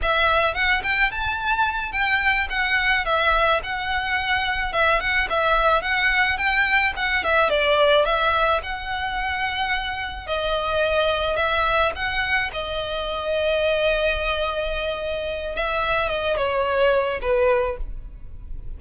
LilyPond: \new Staff \with { instrumentName = "violin" } { \time 4/4 \tempo 4 = 108 e''4 fis''8 g''8 a''4. g''8~ | g''8 fis''4 e''4 fis''4.~ | fis''8 e''8 fis''8 e''4 fis''4 g''8~ | g''8 fis''8 e''8 d''4 e''4 fis''8~ |
fis''2~ fis''8 dis''4.~ | dis''8 e''4 fis''4 dis''4.~ | dis''1 | e''4 dis''8 cis''4. b'4 | }